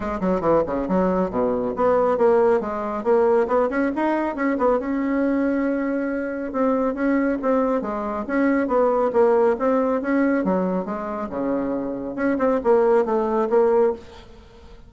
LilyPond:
\new Staff \with { instrumentName = "bassoon" } { \time 4/4 \tempo 4 = 138 gis8 fis8 e8 cis8 fis4 b,4 | b4 ais4 gis4 ais4 | b8 cis'8 dis'4 cis'8 b8 cis'4~ | cis'2. c'4 |
cis'4 c'4 gis4 cis'4 | b4 ais4 c'4 cis'4 | fis4 gis4 cis2 | cis'8 c'8 ais4 a4 ais4 | }